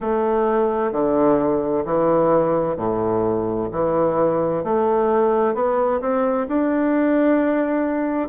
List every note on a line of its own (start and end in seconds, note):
0.00 0.91 A3
0.91 1.84 D3
1.85 2.76 E3
2.76 3.68 A2
3.71 4.64 E3
4.64 5.54 A3
5.54 6.00 B3
6.00 6.47 C4
6.47 8.28 D4